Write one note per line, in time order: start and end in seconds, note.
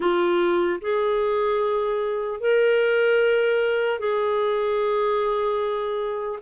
0.00 0.80 F4
0.81 2.40 G#4
2.40 3.99 A#4
3.99 6.39 G#4